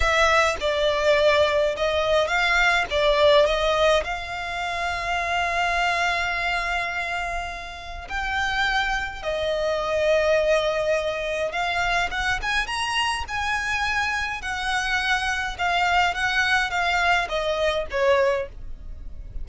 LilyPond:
\new Staff \with { instrumentName = "violin" } { \time 4/4 \tempo 4 = 104 e''4 d''2 dis''4 | f''4 d''4 dis''4 f''4~ | f''1~ | f''2 g''2 |
dis''1 | f''4 fis''8 gis''8 ais''4 gis''4~ | gis''4 fis''2 f''4 | fis''4 f''4 dis''4 cis''4 | }